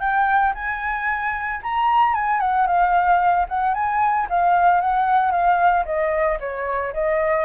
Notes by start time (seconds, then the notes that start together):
0.00 G5
0.55 G#5
1.63 A#5
2.15 G#5
2.40 F#5
2.67 F5
3.49 F#5
3.74 G#5
4.30 F5
4.81 F#5
5.31 F5
5.85 D#5
6.40 C#5
6.93 D#5